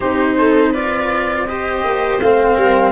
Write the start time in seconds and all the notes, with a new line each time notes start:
0.00 C4 D#4 G4 C5
0.38 A4
0.71 F4 B4 D5
1.46 G4 C5 D#5
1.83 A#3
2.20 A3 C4 F5
2.55 G3 A#4